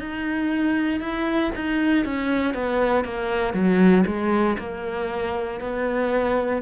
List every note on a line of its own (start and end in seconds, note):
0.00 1.01 D#4
1.01 1.52 E4
1.56 2.05 D#4
2.05 2.54 C#4
2.54 3.05 B3
3.05 3.54 A#3
3.54 4.04 F#3
4.07 4.58 G#3
4.59 5.61 A#3
5.61 6.62 B3